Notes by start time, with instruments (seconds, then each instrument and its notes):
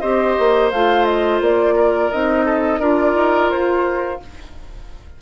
0.00 bassoon C4, clarinet G4, oboe C5, flute D#5
0.38 bassoon A#3
0.71 bassoon A3, clarinet F4, flute F5
1.05 flute D#5
1.40 bassoon A#3, flute D5
1.75 oboe A#4
2.11 bassoon C4, clarinet D#4, flute D#5
2.45 oboe A4
2.79 bassoon D4, clarinet F4, oboe A#4, flute D5
3.15 bassoon D#4
3.50 bassoon F4, flute C5